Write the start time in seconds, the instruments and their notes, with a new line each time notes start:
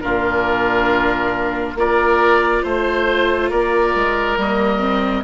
0.00 bassoon A#2, viola D4, oboe F4 A#4
1.74 bassoon A#3, viola F4, oboe A#4 D5
2.62 bassoon A3, oboe C5
3.49 bassoon A#3, oboe A#4 D5
3.94 bassoon G#3
4.37 bassoon G3, viola A#3, oboe D#5
4.79 viola C4